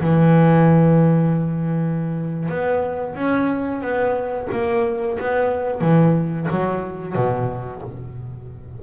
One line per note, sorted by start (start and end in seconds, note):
0.00 2.49 E3
2.49 3.15 B3
3.15 3.81 C#4
3.81 4.48 B3
4.52 5.18 A#3
5.19 5.81 B3
5.81 6.48 E3
6.50 7.15 F#3
7.15 7.82 B2